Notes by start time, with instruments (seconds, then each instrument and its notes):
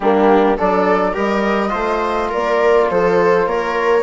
0.00 bassoon G3, trombone A#3, viola D4, flute G4
0.57 bassoon F#3, trombone D4, viola A4, flute D5
1.13 bassoon G3, trombone G4, viola A#4, flute D#5
1.69 bassoon A3, trombone F4, viola C5
2.29 bassoon A#3, viola A#4, flute D5
2.90 bassoon F3, viola A4, flute C5
3.46 bassoon A#3, viola A#4, flute C#5